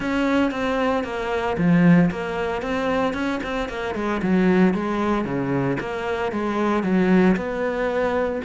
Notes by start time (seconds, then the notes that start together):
0.00 C#4
0.51 C4
1.04 A#3
1.57 F3
2.11 A#3
2.61 C4
3.13 C#4
3.43 C4
3.68 A#3
3.94 G#3
4.22 F#3
4.74 G#3
5.24 C#3
5.79 A#3
6.32 G#3
6.83 F#3
7.36 B3